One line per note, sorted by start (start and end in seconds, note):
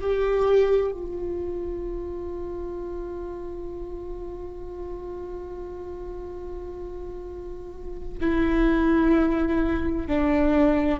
0.00 0.91 G4
0.91 8.18 F4
8.20 10.07 E4
10.07 11.00 D4